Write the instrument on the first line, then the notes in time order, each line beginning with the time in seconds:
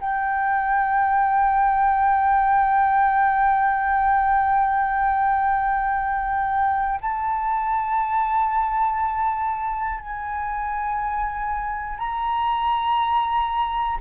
flute
0.00 G5
7.01 A5
10.00 G#5
11.98 A#5